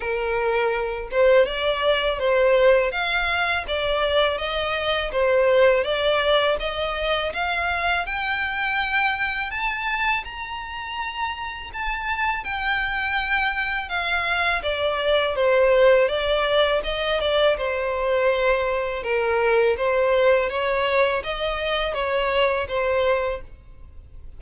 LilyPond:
\new Staff \with { instrumentName = "violin" } { \time 4/4 \tempo 4 = 82 ais'4. c''8 d''4 c''4 | f''4 d''4 dis''4 c''4 | d''4 dis''4 f''4 g''4~ | g''4 a''4 ais''2 |
a''4 g''2 f''4 | d''4 c''4 d''4 dis''8 d''8 | c''2 ais'4 c''4 | cis''4 dis''4 cis''4 c''4 | }